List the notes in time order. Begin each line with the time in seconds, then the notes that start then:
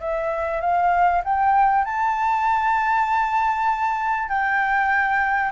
0.00 E5
0.61 F5
1.24 G5
1.85 A5
4.29 G5